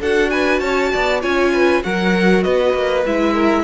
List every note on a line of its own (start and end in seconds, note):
0.00 0.61 D4
0.00 1.22 F#4
0.00 0.30 A4
0.00 0.30 F#5
0.30 0.62 B4
0.30 0.60 G#5
0.60 0.92 C#4
0.60 0.92 C#5
0.60 1.21 A5
0.93 1.24 B3
0.93 1.22 D5
1.22 1.84 C#4
1.22 1.83 F4
1.22 1.52 C#5
1.22 1.83 G#5
1.54 1.84 B4
1.83 2.45 F#3
1.83 3.04 F#4
1.83 2.44 A#4
1.83 2.43 F#5
2.43 2.74 B3
2.43 3.33 B4
2.43 3.04 D#5
2.74 3.04 A#3
3.06 3.64 G#3
3.06 3.64 E4
3.06 3.64 E5
3.33 3.63 A#4